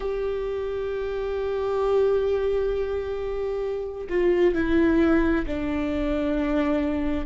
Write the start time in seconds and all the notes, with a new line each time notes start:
0.00 G4
4.09 F4
4.54 E4
5.46 D4